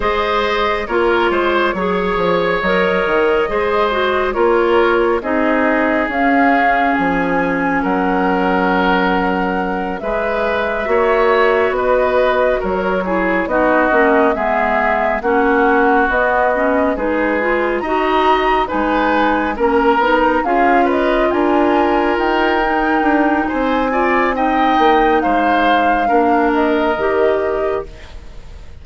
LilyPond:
<<
  \new Staff \with { instrumentName = "flute" } { \time 4/4 \tempo 4 = 69 dis''4 cis''2 dis''4~ | dis''4 cis''4 dis''4 f''4 | gis''4 fis''2~ fis''8 e''8~ | e''4. dis''4 cis''4 dis''8~ |
dis''8 e''4 fis''4 dis''4 b'8~ | b'8 ais''4 gis''4 ais''4 f''8 | dis''8 gis''4 g''4. gis''4 | g''4 f''4. dis''4. | }
  \new Staff \with { instrumentName = "oboe" } { \time 4/4 c''4 ais'8 c''8 cis''2 | c''4 ais'4 gis'2~ | gis'4 ais'2~ ais'8 b'8~ | b'8 cis''4 b'4 ais'8 gis'8 fis'8~ |
fis'8 gis'4 fis'2 gis'8~ | gis'8 dis''4 b'4 ais'4 gis'8 | b'8 ais'2~ ais'8 c''8 d''8 | dis''4 c''4 ais'2 | }
  \new Staff \with { instrumentName = "clarinet" } { \time 4/4 gis'4 f'4 gis'4 ais'4 | gis'8 fis'8 f'4 dis'4 cis'4~ | cis'2.~ cis'8 gis'8~ | gis'8 fis'2~ fis'8 e'8 dis'8 |
cis'8 b4 cis'4 b8 cis'8 dis'8 | f'8 fis'4 dis'4 cis'8 dis'8 f'8~ | f'2 dis'4. f'8 | dis'2 d'4 g'4 | }
  \new Staff \with { instrumentName = "bassoon" } { \time 4/4 gis4 ais8 gis8 fis8 f8 fis8 dis8 | gis4 ais4 c'4 cis'4 | f4 fis2~ fis8 gis8~ | gis8 ais4 b4 fis4 b8 |
ais8 gis4 ais4 b4 gis8~ | gis8 dis'4 gis4 ais8 b8 cis'8~ | cis'8 d'4 dis'4 d'8 c'4~ | c'8 ais8 gis4 ais4 dis4 | }
>>